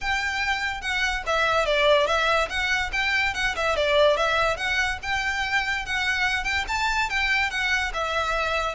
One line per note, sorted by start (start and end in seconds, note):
0.01 0.81 G5
0.81 1.23 F#5
1.26 1.65 E5
1.65 2.06 D5
2.06 2.48 E5
2.49 2.90 F#5
2.92 3.34 G5
3.34 3.55 F#5
3.56 3.76 E5
3.76 4.16 D5
4.16 4.57 E5
4.57 4.98 F#5
5.02 5.85 G5
5.85 6.44 F#5
6.44 6.65 G5
6.68 7.09 A5
7.09 7.50 G5
7.50 7.91 F#5
7.93 8.75 E5